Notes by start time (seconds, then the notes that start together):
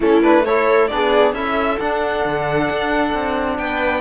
0.00 A3 C#4 E4 A4
0.22 D4 B4
0.45 E4 A4 C#5
0.87 B3 D4 G#4 D5
1.32 C#4 E4 A4 E5
1.79 D4 F#5
2.24 D3
2.70 D4
3.13 C4
3.58 B3 B4 G5